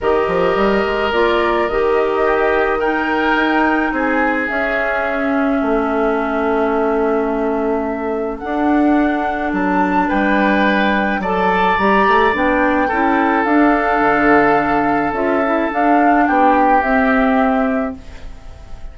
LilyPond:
<<
  \new Staff \with { instrumentName = "flute" } { \time 4/4 \tempo 4 = 107 dis''2 d''4 dis''4~ | dis''4 g''2 gis''4 | e''1~ | e''2. fis''4~ |
fis''4 a''4 g''2 | a''4 ais''4 g''2 | f''2. e''4 | f''4 g''4 e''2 | }
  \new Staff \with { instrumentName = "oboe" } { \time 4/4 ais'1 | g'4 ais'2 gis'4~ | gis'2 a'2~ | a'1~ |
a'2 b'2 | d''2. a'4~ | a'1~ | a'4 g'2. | }
  \new Staff \with { instrumentName = "clarinet" } { \time 4/4 g'2 f'4 g'4~ | g'4 dis'2. | cis'1~ | cis'2. d'4~ |
d'1 | a'4 g'4 d'4 e'4 | d'2. f'8 e'8 | d'2 c'2 | }
  \new Staff \with { instrumentName = "bassoon" } { \time 4/4 dis8 f8 g8 gis8 ais4 dis4~ | dis2 dis'4 c'4 | cis'2 a2~ | a2. d'4~ |
d'4 fis4 g2 | fis4 g8 a8 b4 cis'4 | d'4 d2 cis'4 | d'4 b4 c'2 | }
>>